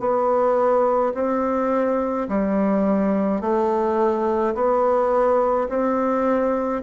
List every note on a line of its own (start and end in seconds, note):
0.00 1.13 B3
1.15 2.28 C4
2.29 3.41 G3
3.41 4.54 A3
4.55 5.68 B3
5.69 6.82 C4